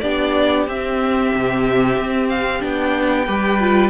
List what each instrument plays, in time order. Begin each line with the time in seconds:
0.00 cello B3, viola D4, violin G4 D5
0.67 cello C4, viola C4, violin E5
1.34 cello C3
1.97 cello C4
2.29 violin F5
2.60 cello B3, viola D4, violin G5
3.26 cello G3, viola G4, violin B4
3.60 viola F4